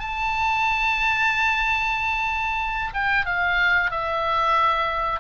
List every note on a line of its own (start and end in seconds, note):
0.00 2.93 A5
2.94 3.26 G5
3.26 3.91 F5
3.91 5.20 E5